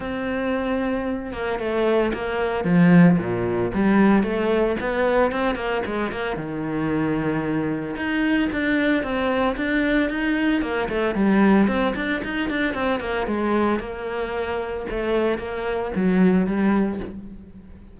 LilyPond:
\new Staff \with { instrumentName = "cello" } { \time 4/4 \tempo 4 = 113 c'2~ c'8 ais8 a4 | ais4 f4 ais,4 g4 | a4 b4 c'8 ais8 gis8 ais8 | dis2. dis'4 |
d'4 c'4 d'4 dis'4 | ais8 a8 g4 c'8 d'8 dis'8 d'8 | c'8 ais8 gis4 ais2 | a4 ais4 fis4 g4 | }